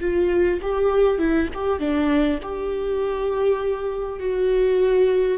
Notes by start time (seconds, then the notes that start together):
0.00 F4
0.62 G4
1.18 E4
1.53 G4
1.79 D4
2.42 G4
4.19 F#4